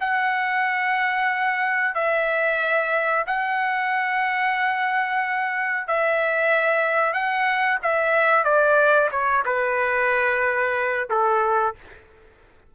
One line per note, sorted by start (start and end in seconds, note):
0.00 1.94 F#5
1.94 3.25 E5
3.26 5.87 F#5
5.87 7.13 E5
7.13 7.78 F#5
7.83 8.44 E5
8.44 9.09 D5
9.11 9.44 C#5
9.45 11.08 B4
11.10 11.75 A4